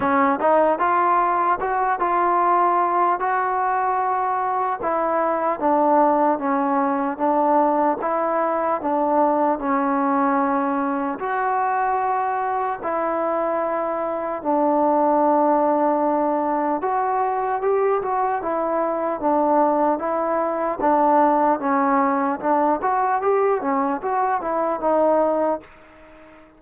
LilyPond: \new Staff \with { instrumentName = "trombone" } { \time 4/4 \tempo 4 = 75 cis'8 dis'8 f'4 fis'8 f'4. | fis'2 e'4 d'4 | cis'4 d'4 e'4 d'4 | cis'2 fis'2 |
e'2 d'2~ | d'4 fis'4 g'8 fis'8 e'4 | d'4 e'4 d'4 cis'4 | d'8 fis'8 g'8 cis'8 fis'8 e'8 dis'4 | }